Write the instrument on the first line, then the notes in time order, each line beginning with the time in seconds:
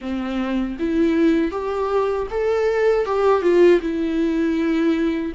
viola
0.01 C4
0.79 E4
1.51 G4
2.30 A4
3.06 G4
3.42 F4
3.80 E4